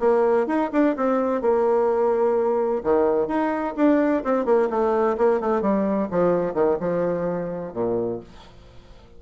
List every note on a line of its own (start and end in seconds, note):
0.00 0.47 A#3
0.47 0.70 D#4
0.72 0.96 D4
0.97 1.42 C4
1.42 2.83 A#3
2.84 3.27 D#3
3.27 3.74 D#4
3.77 4.24 D4
4.24 4.45 C4
4.45 4.69 A#3
4.70 5.17 A3
5.18 5.41 A#3
5.41 5.61 A3
5.61 6.08 G3
6.11 6.54 F3
6.54 6.78 D#3
6.80 7.73 F3
7.73 8.20 A#2